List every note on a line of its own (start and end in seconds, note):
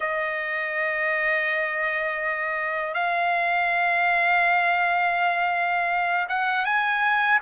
0.00 2.94 D#5
2.94 6.27 F5
6.29 6.65 F#5
6.65 7.39 G#5